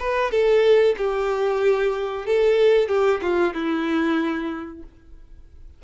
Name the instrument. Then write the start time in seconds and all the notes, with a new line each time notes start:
violin
0.00 B4
0.31 A4
0.98 G4
2.27 A4
2.89 G4
3.23 F4
3.55 E4